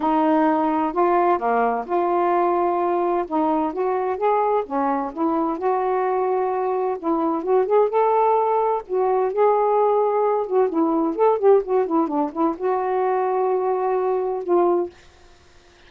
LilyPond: \new Staff \with { instrumentName = "saxophone" } { \time 4/4 \tempo 4 = 129 dis'2 f'4 ais4 | f'2. dis'4 | fis'4 gis'4 cis'4 e'4 | fis'2. e'4 |
fis'8 gis'8 a'2 fis'4 | gis'2~ gis'8 fis'8 e'4 | a'8 g'8 fis'8 e'8 d'8 e'8 fis'4~ | fis'2. f'4 | }